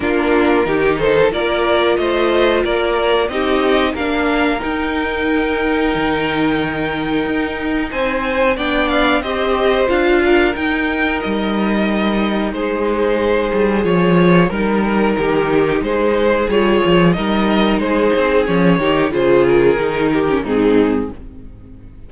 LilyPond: <<
  \new Staff \with { instrumentName = "violin" } { \time 4/4 \tempo 4 = 91 ais'4. c''8 d''4 dis''4 | d''4 dis''4 f''4 g''4~ | g''1 | gis''4 g''8 f''8 dis''4 f''4 |
g''4 dis''2 c''4~ | c''4 cis''4 ais'2 | c''4 cis''4 dis''4 c''4 | cis''4 c''8 ais'4. gis'4 | }
  \new Staff \with { instrumentName = "violin" } { \time 4/4 f'4 g'8 a'8 ais'4 c''4 | ais'4 g'4 ais'2~ | ais'1 | c''4 d''4 c''4. ais'8~ |
ais'2. gis'4~ | gis'2 ais'4 g'4 | gis'2 ais'4 gis'4~ | gis'8 g'8 gis'4. g'8 dis'4 | }
  \new Staff \with { instrumentName = "viola" } { \time 4/4 d'4 dis'4 f'2~ | f'4 dis'4 d'4 dis'4~ | dis'1~ | dis'4 d'4 g'4 f'4 |
dis'1~ | dis'4 f'4 dis'2~ | dis'4 f'4 dis'2 | cis'8 dis'8 f'4 dis'8. cis'16 c'4 | }
  \new Staff \with { instrumentName = "cello" } { \time 4/4 ais4 dis4 ais4 a4 | ais4 c'4 ais4 dis'4~ | dis'4 dis2 dis'4 | c'4 b4 c'4 d'4 |
dis'4 g2 gis4~ | gis8 g8 f4 g4 dis4 | gis4 g8 f8 g4 gis8 c'8 | f8 dis8 cis4 dis4 gis,4 | }
>>